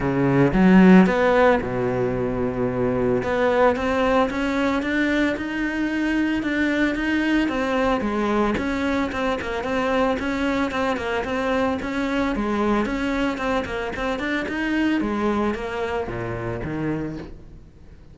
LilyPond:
\new Staff \with { instrumentName = "cello" } { \time 4/4 \tempo 4 = 112 cis4 fis4 b4 b,4~ | b,2 b4 c'4 | cis'4 d'4 dis'2 | d'4 dis'4 c'4 gis4 |
cis'4 c'8 ais8 c'4 cis'4 | c'8 ais8 c'4 cis'4 gis4 | cis'4 c'8 ais8 c'8 d'8 dis'4 | gis4 ais4 ais,4 dis4 | }